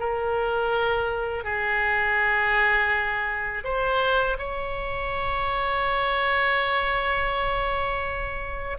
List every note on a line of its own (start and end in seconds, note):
0.00 1.44 A#4
1.44 3.64 G#4
3.65 4.38 C5
4.39 8.78 C#5